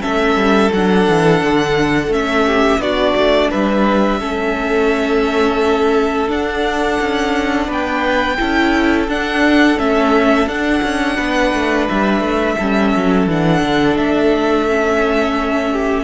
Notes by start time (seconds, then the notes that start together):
0.00 A3 C#4 A4 E5
0.35 G3
0.73 F#3 D4 F#5
1.08 E3
1.42 D3
2.08 A3 C#4 E5
2.45 G4
2.78 B3 D4 F#4 D5
3.16 A3
3.50 G3 B4 E5
4.20 A3 C#4 A4
6.27 D4 F#5
7.00 C#4
7.67 B3 B4 G5
8.38 C#4 E4 A4
9.08 D4 F#5
9.77 A3 C#4 E5
10.47 D4 F#5
10.83 C#4
11.16 B3 B4
11.54 A3
11.88 G3 E5
12.20 A3
12.58 G3 C#4 A4
12.95 F#3
13.27 E3 D4 F#5
13.62 D3
13.96 A3 E5
14.68 C#4
15.71 G4